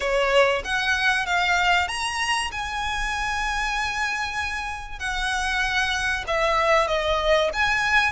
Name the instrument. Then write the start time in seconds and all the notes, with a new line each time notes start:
violin
0.00 C#5
0.64 F#5
1.26 F5
1.88 A#5
2.51 G#5
4.99 F#5
6.27 E5
6.88 D#5
7.53 G#5